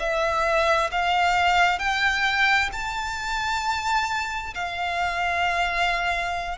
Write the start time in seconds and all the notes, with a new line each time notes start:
0.00 E5
0.92 F5
1.79 G5
2.73 A5
4.55 F5